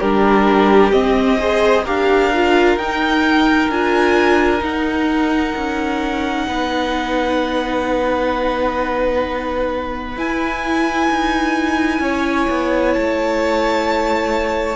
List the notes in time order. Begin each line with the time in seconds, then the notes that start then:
0.00 G3 D4 G4 A#4
0.92 C4 D#5
1.39 G#4 C5
1.84 D4 G4 A#4 F5
2.34 F4
2.77 D#4 G5
3.69 D4 F4 G#5
4.59 D#4 F#5
5.56 C#4
6.48 B3 B4
10.17 E4 G#5
11.11 D#4
12.00 C#4 C#5
12.50 B3
12.94 A3 A5